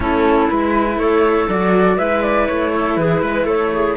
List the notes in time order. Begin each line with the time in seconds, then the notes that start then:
0.00 A3 C#4 E4 A4
0.49 G#3 E4 B4
0.96 A3 A4 C#5
1.48 F#3 F#4 D5
1.96 G#3 E4 B4 E5
2.22 D5
2.47 A3 C#5
2.74 A4
2.96 E3 G#4 B4
3.22 G#3 B4
3.45 A3 A4 C#5
3.72 G#4